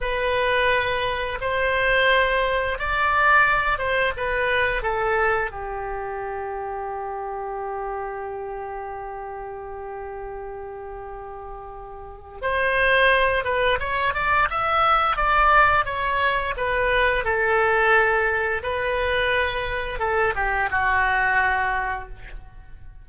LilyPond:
\new Staff \with { instrumentName = "oboe" } { \time 4/4 \tempo 4 = 87 b'2 c''2 | d''4. c''8 b'4 a'4 | g'1~ | g'1~ |
g'2 c''4. b'8 | cis''8 d''8 e''4 d''4 cis''4 | b'4 a'2 b'4~ | b'4 a'8 g'8 fis'2 | }